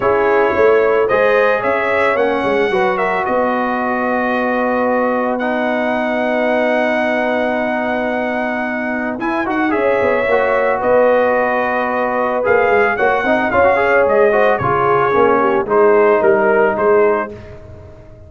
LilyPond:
<<
  \new Staff \with { instrumentName = "trumpet" } { \time 4/4 \tempo 4 = 111 cis''2 dis''4 e''4 | fis''4. e''8 dis''2~ | dis''2 fis''2~ | fis''1~ |
fis''4 gis''8 fis''8 e''2 | dis''2. f''4 | fis''4 f''4 dis''4 cis''4~ | cis''4 c''4 ais'4 c''4 | }
  \new Staff \with { instrumentName = "horn" } { \time 4/4 gis'4 cis''4 c''4 cis''4~ | cis''4 b'8 ais'8 b'2~ | b'1~ | b'1~ |
b'2 cis''2 | b'1 | cis''8 dis''8 cis''4. c''8 gis'4~ | gis'8 g'8 gis'4 ais'4 gis'4 | }
  \new Staff \with { instrumentName = "trombone" } { \time 4/4 e'2 gis'2 | cis'4 fis'2.~ | fis'2 dis'2~ | dis'1~ |
dis'4 e'8 fis'8 gis'4 fis'4~ | fis'2. gis'4 | fis'8 dis'8 f'16 fis'16 gis'4 fis'8 f'4 | cis'4 dis'2. | }
  \new Staff \with { instrumentName = "tuba" } { \time 4/4 cis'4 a4 gis4 cis'4 | ais8 gis8 fis4 b2~ | b1~ | b1~ |
b4 e'8 dis'8 cis'8 b8 ais4 | b2. ais8 gis8 | ais8 c'8 cis'4 gis4 cis4 | ais4 gis4 g4 gis4 | }
>>